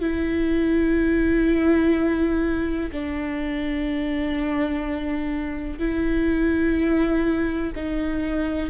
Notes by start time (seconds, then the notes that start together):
0.00 E4
2.91 D4
5.78 E4
7.75 D#4